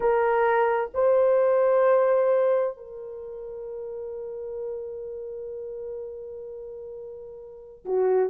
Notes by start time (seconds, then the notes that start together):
0.00 A#4
0.94 C5
2.77 A#4
7.85 F#4